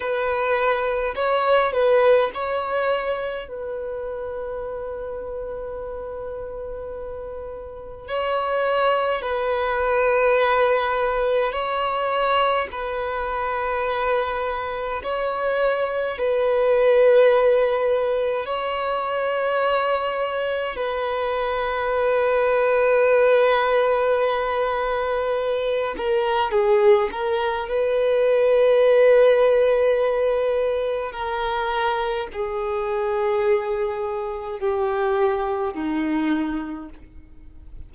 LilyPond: \new Staff \with { instrumentName = "violin" } { \time 4/4 \tempo 4 = 52 b'4 cis''8 b'8 cis''4 b'4~ | b'2. cis''4 | b'2 cis''4 b'4~ | b'4 cis''4 b'2 |
cis''2 b'2~ | b'2~ b'8 ais'8 gis'8 ais'8 | b'2. ais'4 | gis'2 g'4 dis'4 | }